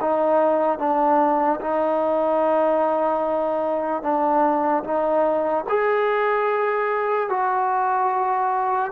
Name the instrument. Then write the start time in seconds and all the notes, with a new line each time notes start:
trombone
0.00 D#4
0.79 D4
1.60 D#4
4.02 D4
4.84 D#4
5.69 G#4
7.29 F#4